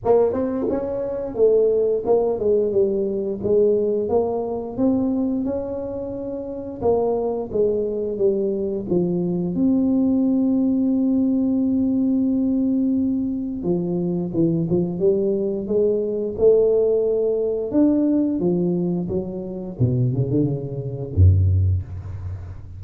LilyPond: \new Staff \with { instrumentName = "tuba" } { \time 4/4 \tempo 4 = 88 ais8 c'8 cis'4 a4 ais8 gis8 | g4 gis4 ais4 c'4 | cis'2 ais4 gis4 | g4 f4 c'2~ |
c'1 | f4 e8 f8 g4 gis4 | a2 d'4 f4 | fis4 b,8 cis16 d16 cis4 fis,4 | }